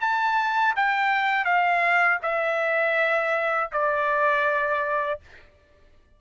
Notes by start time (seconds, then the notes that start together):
0.00 A5
0.76 G5
1.44 F5
2.22 E5
3.72 D5